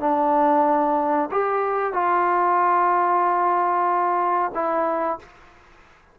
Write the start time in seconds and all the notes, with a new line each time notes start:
0.00 D4
1.31 G4
1.94 F4
4.54 E4